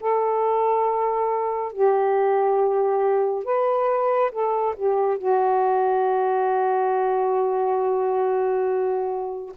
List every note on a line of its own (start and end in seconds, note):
0.00 1.72 A4
1.72 3.45 G4
3.45 4.32 B4
4.32 4.75 A4
4.76 5.18 G4
5.18 9.53 F#4